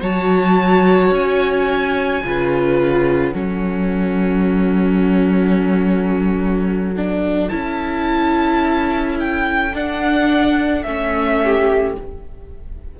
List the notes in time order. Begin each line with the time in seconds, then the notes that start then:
0.00 F#3 F#4 C#5 A5
1.11 C#4 G#5
2.23 C#3 F4 B4
2.78 F#5
3.34 F#3 C#4 A4
6.97 D4
7.49 C#4 E4 A5
9.20 G5
9.73 D4 F#5
10.83 A3 C#4 E5
11.44 G4